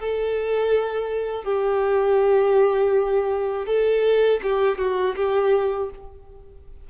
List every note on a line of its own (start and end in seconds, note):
0.00 1.44 A4
1.44 3.67 G4
3.67 4.41 A4
4.43 4.78 G4
4.78 5.15 F#4
5.16 5.91 G4